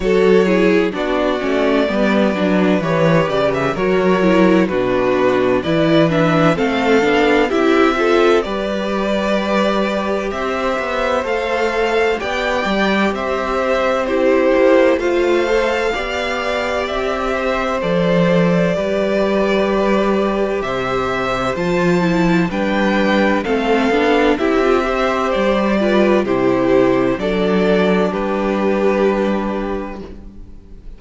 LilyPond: <<
  \new Staff \with { instrumentName = "violin" } { \time 4/4 \tempo 4 = 64 cis''4 d''2 cis''8 d''16 e''16 | cis''4 b'4 d''8 e''8 f''4 | e''4 d''2 e''4 | f''4 g''4 e''4 c''4 |
f''2 e''4 d''4~ | d''2 e''4 a''4 | g''4 f''4 e''4 d''4 | c''4 d''4 b'2 | }
  \new Staff \with { instrumentName = "violin" } { \time 4/4 a'8 gis'8 fis'4 b'2 | ais'4 fis'4 b'4 a'4 | g'8 a'8 b'2 c''4~ | c''4 d''4 c''4 g'4 |
c''4 d''4. c''4. | b'2 c''2 | b'4 a'4 g'8 c''4 b'8 | g'4 a'4 g'2 | }
  \new Staff \with { instrumentName = "viola" } { \time 4/4 fis'8 e'8 d'8 cis'8 b8 d'8 g'4 | fis'8 e'8 d'4 e'8 d'8 c'8 d'8 | e'8 f'8 g'2. | a'4 g'2 e'4 |
f'8 a'8 g'2 a'4 | g'2. f'8 e'8 | d'4 c'8 d'8 e'16 f'16 g'4 f'8 | e'4 d'2. | }
  \new Staff \with { instrumentName = "cello" } { \time 4/4 fis4 b8 a8 g8 fis8 e8 cis8 | fis4 b,4 e4 a8 b8 | c'4 g2 c'8 b8 | a4 b8 g8 c'4. ais8 |
a4 b4 c'4 f4 | g2 c4 f4 | g4 a8 b8 c'4 g4 | c4 fis4 g2 | }
>>